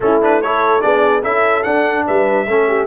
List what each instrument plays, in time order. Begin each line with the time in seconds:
0.00 tuba A3, trombone C#4, horn E4, trumpet A4
0.21 trombone D4, trumpet B4
0.41 trombone E4, horn A4, trumpet C#5
0.80 tuba B3, trombone D4, horn G#4, trumpet D5
1.22 tuba C#4, trombone E4, horn A4, trumpet E5
1.63 trombone D4, tuba D4, trumpet F#5
2.07 tuba G3, horn B4, trumpet E5
2.46 tuba A3, trombone C#4, horn A4
2.67 horn G4